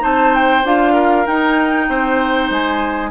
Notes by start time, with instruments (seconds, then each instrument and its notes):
0.00 bassoon C4, clarinet D#4, oboe C5, flute A5
0.35 flute G5
0.65 bassoon D4, clarinet F4, flute F5
0.93 oboe A#4
1.26 clarinet D#4, bassoon D#4, flute G5
1.89 bassoon C4, oboe C5
2.50 bassoon G#3, flute G#5